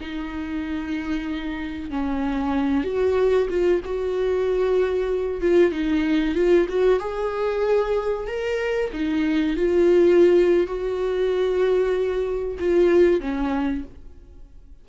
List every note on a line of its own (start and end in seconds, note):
0.00 1.90 D#4
1.90 2.84 C#4
2.84 3.48 F#4
3.49 3.81 F4
3.84 5.41 F#4
5.41 5.71 F4
5.71 6.34 D#4
6.34 6.66 F4
6.68 6.99 F#4
6.99 8.27 G#4
8.27 8.90 A#4
8.92 9.56 D#4
9.56 10.66 F4
10.66 12.58 F#4
12.59 13.20 F4
13.20 13.84 C#4